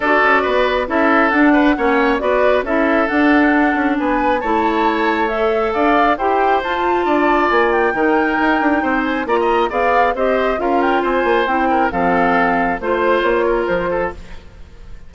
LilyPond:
<<
  \new Staff \with { instrumentName = "flute" } { \time 4/4 \tempo 4 = 136 d''2 e''4 fis''4~ | fis''4 d''4 e''4 fis''4~ | fis''4 gis''4 a''2 | e''4 f''4 g''4 a''4~ |
a''4 gis''8 g''2~ g''8~ | g''8 gis''8 ais''4 f''4 dis''4 | f''8 g''8 gis''4 g''4 f''4~ | f''4 c''4 cis''4 c''4 | }
  \new Staff \with { instrumentName = "oboe" } { \time 4/4 a'4 b'4 a'4. b'8 | cis''4 b'4 a'2~ | a'4 b'4 cis''2~ | cis''4 d''4 c''2 |
d''2 ais'2 | c''4 d''16 dis''8. d''4 c''4 | ais'4 c''4. ais'8 a'4~ | a'4 c''4. ais'4 a'8 | }
  \new Staff \with { instrumentName = "clarinet" } { \time 4/4 fis'2 e'4 d'4 | cis'4 fis'4 e'4 d'4~ | d'2 e'2 | a'2 g'4 f'4~ |
f'2 dis'2~ | dis'4 f'4 gis'4 g'4 | f'2 e'4 c'4~ | c'4 f'2. | }
  \new Staff \with { instrumentName = "bassoon" } { \time 4/4 d'8 cis'8 b4 cis'4 d'4 | ais4 b4 cis'4 d'4~ | d'8 cis'8 b4 a2~ | a4 d'4 e'4 f'4 |
d'4 ais4 dis4 dis'8 d'8 | c'4 ais4 b4 c'4 | cis'4 c'8 ais8 c'4 f4~ | f4 a4 ais4 f4 | }
>>